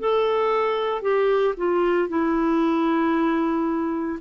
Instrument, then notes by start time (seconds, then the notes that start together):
clarinet
0.00 A4
1.02 G4
1.57 F4
2.09 E4